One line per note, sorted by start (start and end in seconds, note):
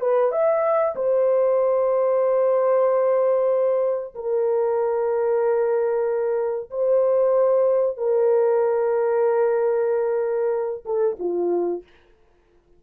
0.00 0.31 B4
0.31 0.95 E5
0.95 4.14 C5
4.15 6.70 A#4
6.70 7.97 C5
7.97 10.84 A#4
10.85 11.17 A4
11.19 11.83 F4